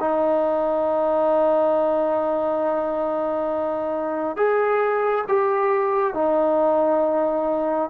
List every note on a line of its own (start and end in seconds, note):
0.00 4.36 D#4
4.36 5.25 G#4
5.28 6.14 G4
6.14 7.90 D#4